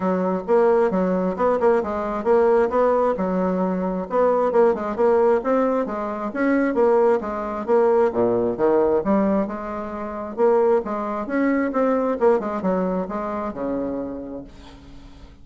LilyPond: \new Staff \with { instrumentName = "bassoon" } { \time 4/4 \tempo 4 = 133 fis4 ais4 fis4 b8 ais8 | gis4 ais4 b4 fis4~ | fis4 b4 ais8 gis8 ais4 | c'4 gis4 cis'4 ais4 |
gis4 ais4 ais,4 dis4 | g4 gis2 ais4 | gis4 cis'4 c'4 ais8 gis8 | fis4 gis4 cis2 | }